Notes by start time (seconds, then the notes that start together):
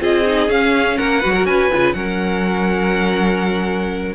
0.00 C4 F4 G#4 D#5
0.25 D#4
0.49 C#4 F5
0.97 A#3 A#4 F#5
1.21 F#3 F#4 B4
1.34 A#4
1.45 C#4 B4 G#5
1.72 C#3 F4
1.93 F#3 C#4 A#4 F#5